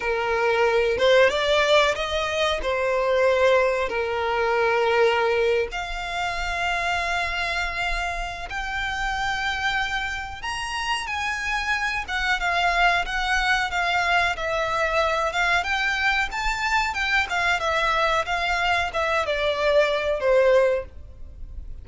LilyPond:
\new Staff \with { instrumentName = "violin" } { \time 4/4 \tempo 4 = 92 ais'4. c''8 d''4 dis''4 | c''2 ais'2~ | ais'8. f''2.~ f''16~ | f''4 g''2. |
ais''4 gis''4. fis''8 f''4 | fis''4 f''4 e''4. f''8 | g''4 a''4 g''8 f''8 e''4 | f''4 e''8 d''4. c''4 | }